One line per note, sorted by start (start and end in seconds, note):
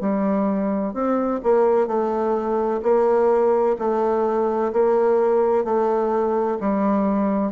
0.00 0.93 G3
0.93 1.40 C4
1.43 1.87 A#3
1.87 2.80 A3
2.83 3.76 A#3
3.78 4.72 A3
4.72 5.64 A#3
5.64 6.58 A3
6.60 7.52 G3